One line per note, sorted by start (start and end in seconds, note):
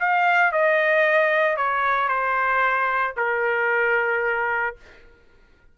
0.00 0.52 F5
0.52 1.57 D#5
1.57 2.09 C#5
2.09 3.15 C5
3.17 4.76 A#4